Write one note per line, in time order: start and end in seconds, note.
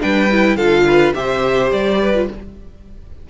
0.00 0.57 G3
0.00 0.28 D4
0.00 0.56 B4
0.00 0.57 G5
0.31 0.59 E4
0.56 1.13 D3
0.56 1.15 F4
0.56 0.85 A4
0.56 1.13 F5
0.87 1.16 B4
1.14 1.72 C3
1.14 2.14 G4
1.14 2.02 C5
1.14 1.71 E5
1.72 2.28 G3
1.72 2.29 D5
2.02 2.30 B4
2.15 2.29 F4